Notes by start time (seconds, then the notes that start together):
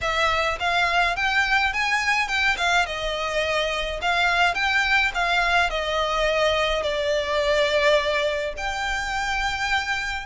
0.01 E5
0.59 F5
1.16 G5
1.73 G#5
2.28 G5
2.57 F5
2.86 D#5
4.01 F5
4.54 G5
5.14 F5
5.70 D#5
6.82 D5
8.57 G5